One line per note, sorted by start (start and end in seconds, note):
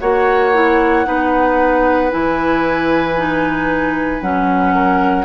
0.00 1.06 A#3
0.00 0.54 F#4
0.00 1.06 C#5
0.00 2.11 F#5
0.54 1.06 E4
1.06 2.12 B3
1.06 2.11 D#4
1.06 4.75 B4
2.11 4.22 E3
2.11 3.16 E4
2.11 4.22 G#5
3.17 4.22 D#4
4.22 5.25 F#3
4.22 5.25 C#4
4.22 5.25 F#5
4.75 5.25 A#4